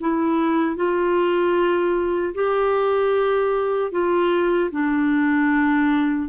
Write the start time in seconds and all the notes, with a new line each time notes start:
0.00 E4
0.76 F4
2.34 G4
3.92 F4
4.71 D4